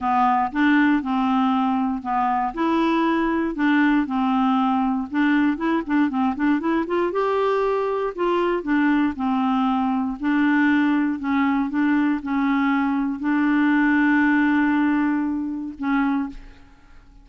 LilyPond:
\new Staff \with { instrumentName = "clarinet" } { \time 4/4 \tempo 4 = 118 b4 d'4 c'2 | b4 e'2 d'4 | c'2 d'4 e'8 d'8 | c'8 d'8 e'8 f'8 g'2 |
f'4 d'4 c'2 | d'2 cis'4 d'4 | cis'2 d'2~ | d'2. cis'4 | }